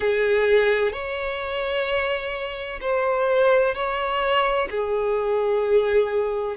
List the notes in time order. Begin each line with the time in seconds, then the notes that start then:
0.00 G#4
0.92 C#5
2.80 C5
3.75 C#5
4.70 G#4